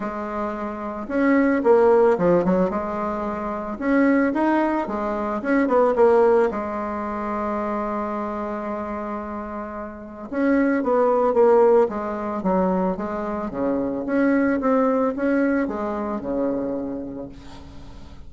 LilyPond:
\new Staff \with { instrumentName = "bassoon" } { \time 4/4 \tempo 4 = 111 gis2 cis'4 ais4 | f8 fis8 gis2 cis'4 | dis'4 gis4 cis'8 b8 ais4 | gis1~ |
gis2. cis'4 | b4 ais4 gis4 fis4 | gis4 cis4 cis'4 c'4 | cis'4 gis4 cis2 | }